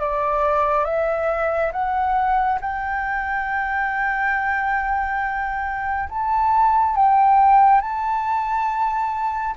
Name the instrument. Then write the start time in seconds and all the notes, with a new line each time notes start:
flute
0.00 D5
0.85 E5
1.73 F#5
2.62 G5
6.10 A5
6.96 G5
7.81 A5